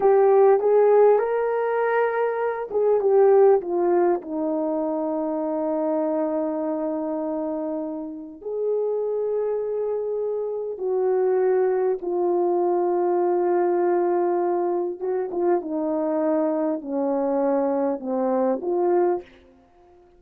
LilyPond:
\new Staff \with { instrumentName = "horn" } { \time 4/4 \tempo 4 = 100 g'4 gis'4 ais'2~ | ais'8 gis'8 g'4 f'4 dis'4~ | dis'1~ | dis'2 gis'2~ |
gis'2 fis'2 | f'1~ | f'4 fis'8 f'8 dis'2 | cis'2 c'4 f'4 | }